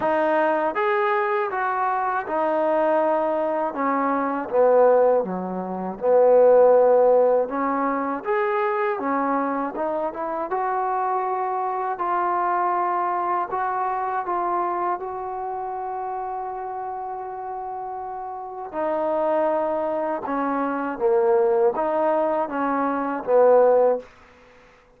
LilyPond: \new Staff \with { instrumentName = "trombone" } { \time 4/4 \tempo 4 = 80 dis'4 gis'4 fis'4 dis'4~ | dis'4 cis'4 b4 fis4 | b2 cis'4 gis'4 | cis'4 dis'8 e'8 fis'2 |
f'2 fis'4 f'4 | fis'1~ | fis'4 dis'2 cis'4 | ais4 dis'4 cis'4 b4 | }